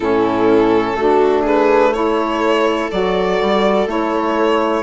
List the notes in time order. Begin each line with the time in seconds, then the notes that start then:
0.00 A2 C#4 E4 A4
0.94 A3 D4 F#4
1.42 G#4 B4
1.93 E4 A4 C#5
2.91 F#3 F#4 D5
3.40 G3
3.86 A3 E4 C#5